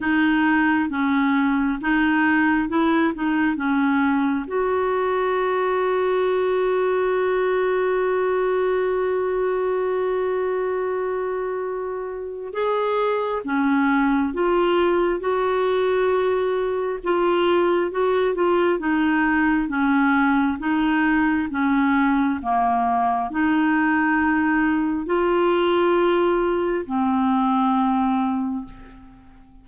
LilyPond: \new Staff \with { instrumentName = "clarinet" } { \time 4/4 \tempo 4 = 67 dis'4 cis'4 dis'4 e'8 dis'8 | cis'4 fis'2.~ | fis'1~ | fis'2 gis'4 cis'4 |
f'4 fis'2 f'4 | fis'8 f'8 dis'4 cis'4 dis'4 | cis'4 ais4 dis'2 | f'2 c'2 | }